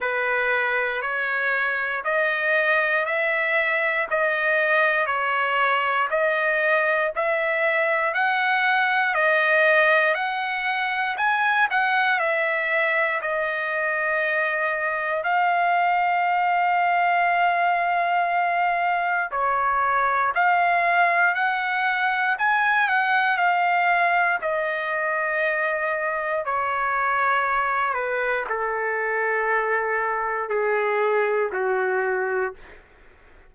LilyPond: \new Staff \with { instrumentName = "trumpet" } { \time 4/4 \tempo 4 = 59 b'4 cis''4 dis''4 e''4 | dis''4 cis''4 dis''4 e''4 | fis''4 dis''4 fis''4 gis''8 fis''8 | e''4 dis''2 f''4~ |
f''2. cis''4 | f''4 fis''4 gis''8 fis''8 f''4 | dis''2 cis''4. b'8 | a'2 gis'4 fis'4 | }